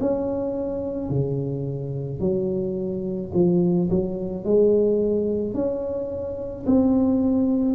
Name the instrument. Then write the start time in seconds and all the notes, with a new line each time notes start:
tuba
0.00 C#4
1.09 C#3
2.20 F#3
3.33 F3
3.89 F#3
4.44 G#3
5.54 C#4
6.66 C4